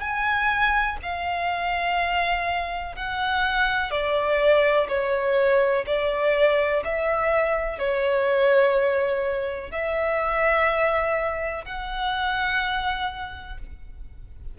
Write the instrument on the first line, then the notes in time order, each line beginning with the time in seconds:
violin
0.00 G#5
1.02 F5
2.95 F#5
3.91 D5
4.88 C#5
5.86 D5
6.84 E5
7.78 C#5
9.71 E5
11.64 F#5